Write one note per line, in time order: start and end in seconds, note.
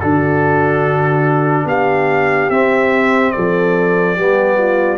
0.00 1.64 D3
0.00 2.51 D4
0.00 1.67 F#4
0.00 1.67 A4
1.64 2.47 B3
1.64 3.33 G4
1.64 2.50 F5
2.49 3.33 C4
2.49 4.17 C4
2.49 3.31 E5
3.31 4.19 F3
3.31 4.16 A4
3.31 4.97 D5
4.16 4.97 G3
4.16 4.97 B3
4.16 4.57 G4
4.57 4.97 F4